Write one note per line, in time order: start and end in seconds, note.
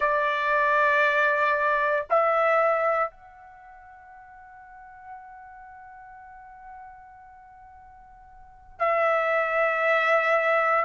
0.00 2.06 D5
2.09 3.10 E5
3.10 8.79 F#5
8.79 10.84 E5